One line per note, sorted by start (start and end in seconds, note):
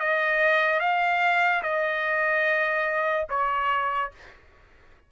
0.00 0.80 D#5
0.80 1.63 F5
1.63 3.28 D#5
3.30 4.12 C#5